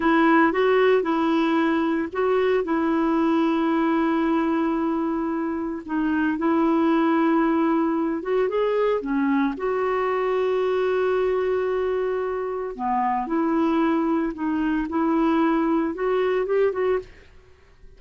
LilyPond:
\new Staff \with { instrumentName = "clarinet" } { \time 4/4 \tempo 4 = 113 e'4 fis'4 e'2 | fis'4 e'2.~ | e'2. dis'4 | e'2.~ e'8 fis'8 |
gis'4 cis'4 fis'2~ | fis'1 | b4 e'2 dis'4 | e'2 fis'4 g'8 fis'8 | }